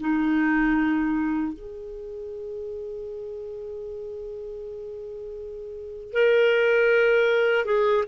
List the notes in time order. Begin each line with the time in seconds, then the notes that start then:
0.00 D#4
1.53 G#4
6.13 A#4
7.65 G#4